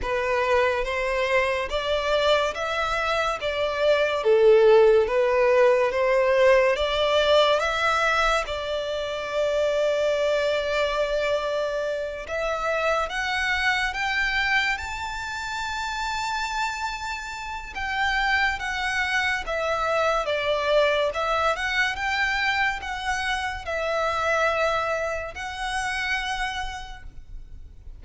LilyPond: \new Staff \with { instrumentName = "violin" } { \time 4/4 \tempo 4 = 71 b'4 c''4 d''4 e''4 | d''4 a'4 b'4 c''4 | d''4 e''4 d''2~ | d''2~ d''8 e''4 fis''8~ |
fis''8 g''4 a''2~ a''8~ | a''4 g''4 fis''4 e''4 | d''4 e''8 fis''8 g''4 fis''4 | e''2 fis''2 | }